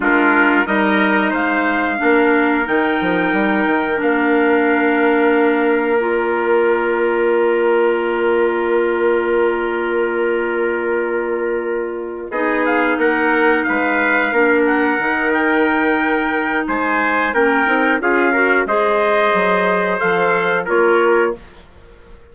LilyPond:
<<
  \new Staff \with { instrumentName = "trumpet" } { \time 4/4 \tempo 4 = 90 ais'4 dis''4 f''2 | g''2 f''2~ | f''4 d''2.~ | d''1~ |
d''2~ d''8 dis''8 f''8 fis''8~ | fis''8 f''4. fis''4 g''4~ | g''4 gis''4 g''4 f''4 | dis''2 f''4 cis''4 | }
  \new Staff \with { instrumentName = "trumpet" } { \time 4/4 f'4 ais'4 c''4 ais'4~ | ais'1~ | ais'1~ | ais'1~ |
ais'2~ ais'8 gis'4 ais'8~ | ais'8 b'4 ais'2~ ais'8~ | ais'4 c''4 ais'4 gis'8 ais'8 | c''2. ais'4 | }
  \new Staff \with { instrumentName = "clarinet" } { \time 4/4 d'4 dis'2 d'4 | dis'2 d'2~ | d'4 f'2.~ | f'1~ |
f'2~ f'8 dis'4.~ | dis'4. d'4 dis'4.~ | dis'2 cis'8 dis'8 f'8 fis'8 | gis'2 a'4 f'4 | }
  \new Staff \with { instrumentName = "bassoon" } { \time 4/4 gis4 g4 gis4 ais4 | dis8 f8 g8 dis8 ais2~ | ais1~ | ais1~ |
ais2~ ais8 b4 ais8~ | ais8 gis4 ais4 dis4.~ | dis4 gis4 ais8 c'8 cis'4 | gis4 fis4 f4 ais4 | }
>>